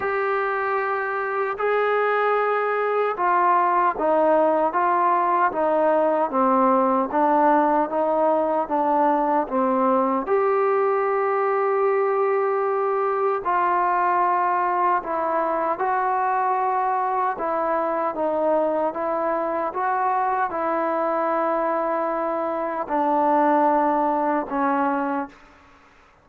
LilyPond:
\new Staff \with { instrumentName = "trombone" } { \time 4/4 \tempo 4 = 76 g'2 gis'2 | f'4 dis'4 f'4 dis'4 | c'4 d'4 dis'4 d'4 | c'4 g'2.~ |
g'4 f'2 e'4 | fis'2 e'4 dis'4 | e'4 fis'4 e'2~ | e'4 d'2 cis'4 | }